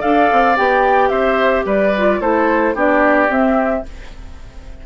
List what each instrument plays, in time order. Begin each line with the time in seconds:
0.00 bassoon D4, clarinet A4, oboe D5, flute F5
0.31 bassoon C4
0.56 bassoon B3, clarinet G4, flute G5
1.09 bassoon C4, oboe C5, flute E5
1.65 bassoon G3, oboe B4, flute D5
1.97 clarinet F4
2.20 bassoon A3, clarinet E4, oboe A4, flute C5
2.74 bassoon B3, clarinet D4, oboe G4, flute D5
3.28 clarinet C4, bassoon C4, flute E5